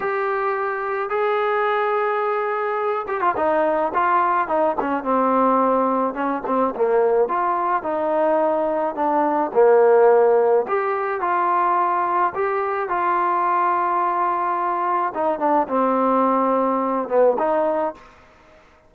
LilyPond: \new Staff \with { instrumentName = "trombone" } { \time 4/4 \tempo 4 = 107 g'2 gis'2~ | gis'4. g'16 f'16 dis'4 f'4 | dis'8 cis'8 c'2 cis'8 c'8 | ais4 f'4 dis'2 |
d'4 ais2 g'4 | f'2 g'4 f'4~ | f'2. dis'8 d'8 | c'2~ c'8 b8 dis'4 | }